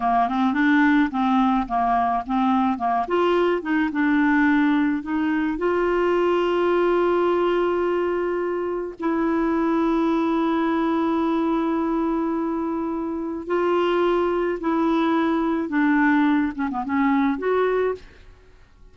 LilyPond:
\new Staff \with { instrumentName = "clarinet" } { \time 4/4 \tempo 4 = 107 ais8 c'8 d'4 c'4 ais4 | c'4 ais8 f'4 dis'8 d'4~ | d'4 dis'4 f'2~ | f'1 |
e'1~ | e'1 | f'2 e'2 | d'4. cis'16 b16 cis'4 fis'4 | }